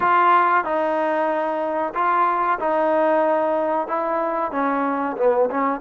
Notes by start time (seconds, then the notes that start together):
0.00 F4
0.64 D#4
1.94 F4
2.59 D#4
3.87 E4
4.51 C#4
5.17 B3
5.50 C#4